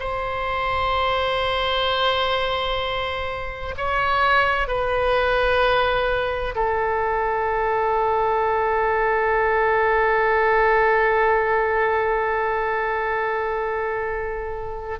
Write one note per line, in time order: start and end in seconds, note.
0.00 3.75 C5
3.77 4.67 C#5
4.67 6.55 B4
6.55 14.99 A4